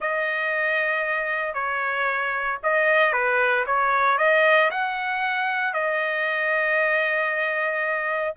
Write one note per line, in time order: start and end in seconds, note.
0.00 1.54 D#5
1.54 2.58 C#5
2.63 3.12 D#5
3.12 3.65 B4
3.66 4.18 C#5
4.18 4.70 D#5
4.71 5.73 F#5
5.73 8.34 D#5